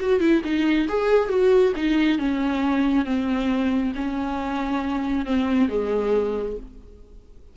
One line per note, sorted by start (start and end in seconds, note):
0.00 0.20 F#4
0.20 0.42 E4
0.45 0.88 D#4
0.89 1.29 G#4
1.29 1.73 F#4
1.76 2.19 D#4
2.19 3.06 C#4
3.06 3.93 C4
3.96 5.26 C#4
5.26 5.69 C4
5.69 6.57 G#3